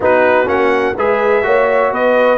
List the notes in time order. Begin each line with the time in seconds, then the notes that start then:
0.00 B3 D#4 F#4 B4
0.46 A#3 C#4 F#5
0.96 G#3 G#4 B4 E5
1.43 A#3 F#4 C#5
1.91 B3 B4 D#5